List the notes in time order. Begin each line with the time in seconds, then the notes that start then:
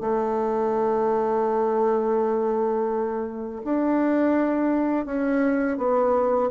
0.00 A3
3.64 D4
5.05 C#4
5.78 B3